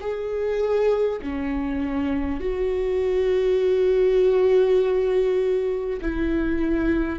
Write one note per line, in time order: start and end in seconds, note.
0.00 1.20 G#4
1.21 2.40 C#4
2.40 6.00 F#4
6.01 7.19 E4